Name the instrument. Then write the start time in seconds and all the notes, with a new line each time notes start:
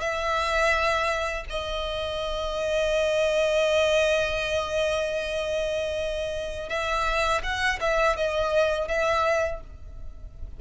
violin
0.00 E5
1.50 D#5
6.69 E5
7.43 F#5
7.80 E5
8.17 D#5
8.88 E5